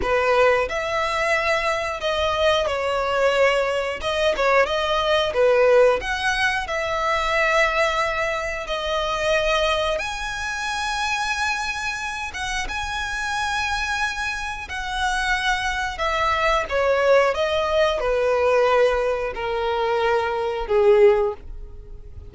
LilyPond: \new Staff \with { instrumentName = "violin" } { \time 4/4 \tempo 4 = 90 b'4 e''2 dis''4 | cis''2 dis''8 cis''8 dis''4 | b'4 fis''4 e''2~ | e''4 dis''2 gis''4~ |
gis''2~ gis''8 fis''8 gis''4~ | gis''2 fis''2 | e''4 cis''4 dis''4 b'4~ | b'4 ais'2 gis'4 | }